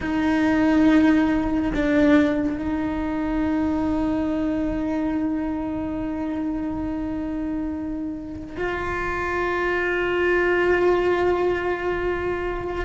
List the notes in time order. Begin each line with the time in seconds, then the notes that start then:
0.00 D#4
1.74 D4
2.57 D#4
8.56 F4